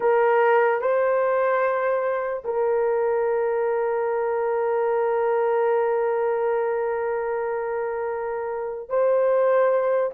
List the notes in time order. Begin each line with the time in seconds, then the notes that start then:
0.00 A#4
0.81 C5
2.44 A#4
8.89 C5